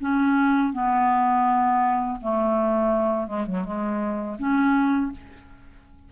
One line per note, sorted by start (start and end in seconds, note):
0.00 0.73 C#4
0.73 2.19 B3
2.22 3.27 A3
3.27 3.46 G#3
3.47 3.64 F#3
3.64 4.37 G#3
4.39 5.12 C#4